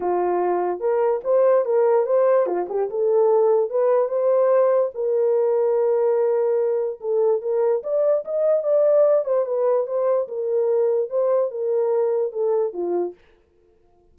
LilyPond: \new Staff \with { instrumentName = "horn" } { \time 4/4 \tempo 4 = 146 f'2 ais'4 c''4 | ais'4 c''4 f'8 g'8 a'4~ | a'4 b'4 c''2 | ais'1~ |
ais'4 a'4 ais'4 d''4 | dis''4 d''4. c''8 b'4 | c''4 ais'2 c''4 | ais'2 a'4 f'4 | }